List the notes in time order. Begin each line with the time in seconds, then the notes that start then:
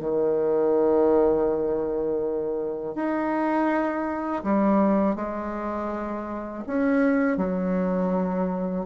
0.00 D#3
2.96 D#4
4.44 G3
5.16 G#3
6.67 C#4
7.38 F#3